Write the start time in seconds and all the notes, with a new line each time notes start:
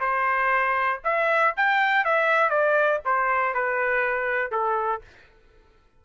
0.00 C5
1.04 E5
1.57 G5
2.05 E5
2.50 D5
3.05 C5
3.54 B4
4.52 A4